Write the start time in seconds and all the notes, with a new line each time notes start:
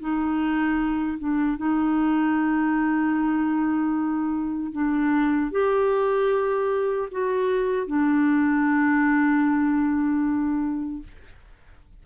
0.00 D#4
1.19 D4
1.58 D#4
4.73 D4
5.52 G4
7.12 F#4
7.87 D4